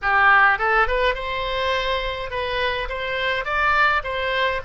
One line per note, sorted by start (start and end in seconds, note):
0.02 0.58 G4
0.58 0.87 A4
0.87 1.14 B4
1.14 2.30 C5
2.30 2.88 B4
2.88 3.44 C5
3.44 4.02 D5
4.03 4.61 C5